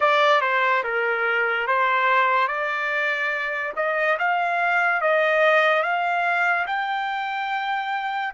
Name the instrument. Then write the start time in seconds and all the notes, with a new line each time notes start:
trumpet
0.00 D5
0.41 C5
0.83 A#4
1.67 C5
2.47 D5
3.76 D#5
4.19 F5
5.01 D#5
5.82 F5
6.67 G5